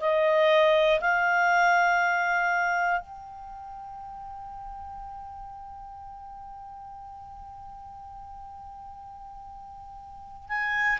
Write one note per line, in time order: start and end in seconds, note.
0.00 1.00 D#5
1.01 3.00 F5
3.00 10.49 G5
10.49 10.99 G#5